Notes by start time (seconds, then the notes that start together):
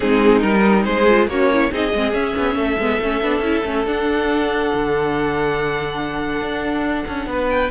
0.00 G#3 C4 D#4 G#4
0.40 G3 D#4 A#4
0.84 G#3 G#4 C5
1.08 F4
1.27 A#3 C#4 F#4 C#5
1.52 E4
1.71 C4 D#4 G#4 D#5
1.93 G#3 C4
2.13 C#4 E5
2.36 B3
2.55 A3 A4
2.78 G#3 B3
3.00 A3 C#4
3.21 B3 D4
3.40 C#4 E4
3.64 A3 C#4
3.86 D4 F#5
4.73 D3
6.41 D4
7.07 C#4
7.26 B3 B4
7.49 G5